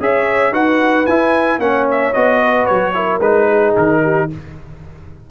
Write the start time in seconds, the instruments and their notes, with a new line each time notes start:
0.00 tuba C#4, trombone G#4, horn C#5, trumpet E5
0.52 tuba D#4, trombone F#4, horn B4, trumpet F#5
1.06 tuba E4, trombone E4, trumpet G#5
1.59 tuba A#3, trombone C#4, horn C#5, trumpet F#5
1.91 trumpet E5
2.14 tuba B3, trombone F#4, trumpet D#5
2.41 horn B4
2.66 tuba F#3, trumpet C#5
2.94 trombone E4, horn A#4
3.20 tuba G#3, trombone D#4, trumpet B4
3.48 horn G#4
3.77 tuba D#3, trumpet A#4
4.03 horn G4